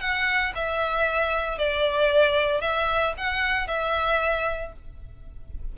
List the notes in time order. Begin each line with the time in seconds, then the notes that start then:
0.00 F#5
0.55 E5
1.58 D5
2.61 E5
3.17 F#5
3.67 E5